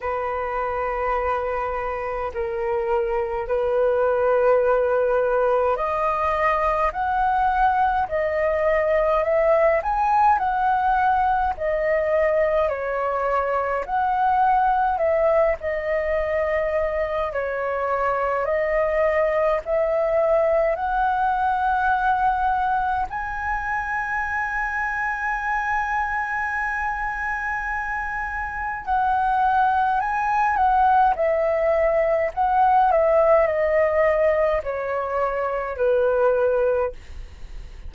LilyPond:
\new Staff \with { instrumentName = "flute" } { \time 4/4 \tempo 4 = 52 b'2 ais'4 b'4~ | b'4 dis''4 fis''4 dis''4 | e''8 gis''8 fis''4 dis''4 cis''4 | fis''4 e''8 dis''4. cis''4 |
dis''4 e''4 fis''2 | gis''1~ | gis''4 fis''4 gis''8 fis''8 e''4 | fis''8 e''8 dis''4 cis''4 b'4 | }